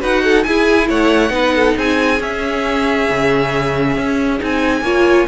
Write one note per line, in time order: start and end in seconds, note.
0.00 0.46 D#4
0.00 0.44 F#4
0.00 0.23 B4
0.00 0.44 F#5
0.24 0.46 A4
0.44 0.90 E4
0.44 1.31 E4
0.44 0.89 G#4
0.44 0.87 G#5
0.89 1.30 A3
0.89 1.32 C#5
0.89 1.78 F#5
1.30 1.74 B3
1.30 2.18 D#4
1.30 1.55 B4
1.56 1.77 A4
1.77 2.21 C4
1.77 4.84 G#4
1.77 2.22 G#5
2.19 4.38 C#4
2.19 3.08 C#4
2.19 4.41 E5
3.11 3.97 C#3
3.97 4.41 C#4
4.40 4.82 C4
4.40 4.83 D#4
4.40 5.29 G#5
4.82 5.25 A#3
4.82 5.29 F4
4.82 5.28 C#5